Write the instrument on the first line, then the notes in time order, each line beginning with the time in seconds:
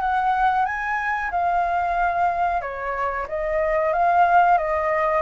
flute
0.00 F#5
0.65 G#5
1.31 F5
2.61 C#5
3.28 D#5
3.92 F5
4.58 D#5